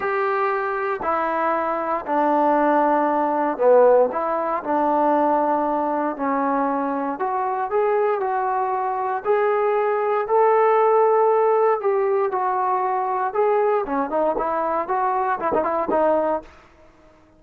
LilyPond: \new Staff \with { instrumentName = "trombone" } { \time 4/4 \tempo 4 = 117 g'2 e'2 | d'2. b4 | e'4 d'2. | cis'2 fis'4 gis'4 |
fis'2 gis'2 | a'2. g'4 | fis'2 gis'4 cis'8 dis'8 | e'4 fis'4 e'16 dis'16 e'8 dis'4 | }